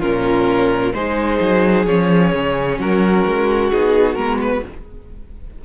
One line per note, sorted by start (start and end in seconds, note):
0.00 0.93 A#2
0.00 0.94 C#4
0.00 0.92 F4
0.00 0.93 A#4
0.93 1.39 G#3
0.93 1.87 D#4
0.93 2.80 G#4
0.93 1.85 C5
1.40 1.86 F#3
1.86 2.32 F3
1.86 3.72 C#4
1.86 2.78 C#5
2.33 2.78 C#3
2.78 3.24 F#3
2.78 4.64 F#4
2.78 3.71 A#4
3.26 3.72 G#3
3.71 4.16 B3
3.71 4.16 D#4
3.71 4.15 G#4
4.15 4.62 G#3
4.15 4.62 B3
4.15 4.38 A#4
4.42 4.65 B4